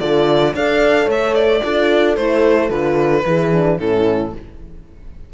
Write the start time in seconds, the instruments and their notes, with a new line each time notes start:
0.00 cello D3, horn F4 A4, violin D5
0.55 cello D4, horn A4 D5, violin F5
1.05 cello A3, horn C#5, violin E5
1.35 violin D5
1.64 cello D4, horn F4 A4
2.16 cello A3, horn E4, violin C5
2.69 cello D3, horn F4, violin B4
3.26 cello E3, horn E4 G#4
3.53 horn D4
3.79 cello A2, horn C#4 E4, violin A4